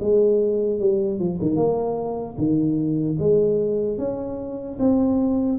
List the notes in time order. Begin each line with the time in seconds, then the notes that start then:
0.00 G#3
0.80 G3
1.19 F3
1.41 D#3
1.56 A#3
2.38 D#3
3.19 G#3
3.98 C#4
4.79 C4